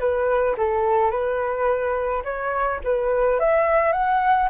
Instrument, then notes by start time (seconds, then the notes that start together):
flute
0.00 B4
0.58 A4
1.11 B4
2.25 C#5
2.85 B4
3.40 E5
3.93 F#5